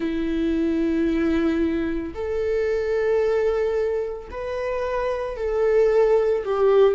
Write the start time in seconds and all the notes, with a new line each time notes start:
0.00 E4
2.14 A4
4.31 B4
5.36 A4
6.44 G4